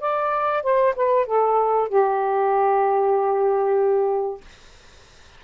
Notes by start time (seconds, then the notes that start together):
0.00 D5
0.63 C5
0.95 B4
1.25 A4
1.88 G4